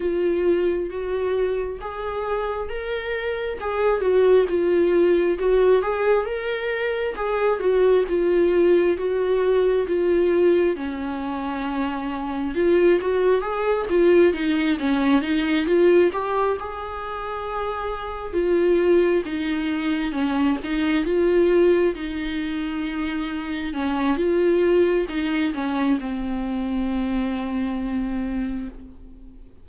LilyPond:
\new Staff \with { instrumentName = "viola" } { \time 4/4 \tempo 4 = 67 f'4 fis'4 gis'4 ais'4 | gis'8 fis'8 f'4 fis'8 gis'8 ais'4 | gis'8 fis'8 f'4 fis'4 f'4 | cis'2 f'8 fis'8 gis'8 f'8 |
dis'8 cis'8 dis'8 f'8 g'8 gis'4.~ | gis'8 f'4 dis'4 cis'8 dis'8 f'8~ | f'8 dis'2 cis'8 f'4 | dis'8 cis'8 c'2. | }